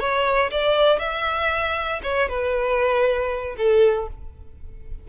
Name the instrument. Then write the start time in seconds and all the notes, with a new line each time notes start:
violin
0.00 C#5
0.51 D5
0.99 E5
2.03 C#5
2.29 B4
3.57 A4